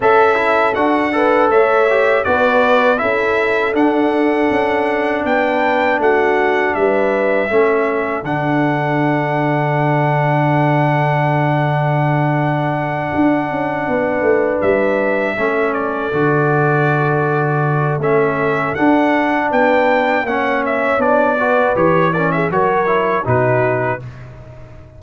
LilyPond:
<<
  \new Staff \with { instrumentName = "trumpet" } { \time 4/4 \tempo 4 = 80 e''4 fis''4 e''4 d''4 | e''4 fis''2 g''4 | fis''4 e''2 fis''4~ | fis''1~ |
fis''2.~ fis''8 e''8~ | e''4 d''2. | e''4 fis''4 g''4 fis''8 e''8 | d''4 cis''8 d''16 e''16 cis''4 b'4 | }
  \new Staff \with { instrumentName = "horn" } { \time 4/4 a'4. b'8 cis''4 b'4 | a'2. b'4 | fis'4 b'4 a'2~ | a'1~ |
a'2~ a'8 b'4.~ | b'8 a'2.~ a'8~ | a'2 b'4 cis''4~ | cis''8 b'4 ais'16 gis'16 ais'4 fis'4 | }
  \new Staff \with { instrumentName = "trombone" } { \time 4/4 a'8 e'8 fis'8 a'4 g'8 fis'4 | e'4 d'2.~ | d'2 cis'4 d'4~ | d'1~ |
d'1~ | d'8 cis'4 fis'2~ fis'8 | cis'4 d'2 cis'4 | d'8 fis'8 g'8 cis'8 fis'8 e'8 dis'4 | }
  \new Staff \with { instrumentName = "tuba" } { \time 4/4 cis'4 d'4 a4 b4 | cis'4 d'4 cis'4 b4 | a4 g4 a4 d4~ | d1~ |
d4. d'8 cis'8 b8 a8 g8~ | g8 a4 d2~ d8 | a4 d'4 b4 ais4 | b4 e4 fis4 b,4 | }
>>